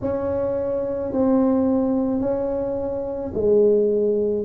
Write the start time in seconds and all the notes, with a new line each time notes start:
0.01 C#4
1.12 C4
2.20 C#4
3.34 G#3